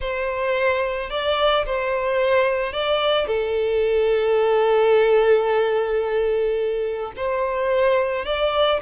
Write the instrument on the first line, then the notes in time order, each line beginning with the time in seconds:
violin
0.01 C5
1.10 D5
1.65 C5
2.72 D5
3.27 A4
7.16 C5
8.25 D5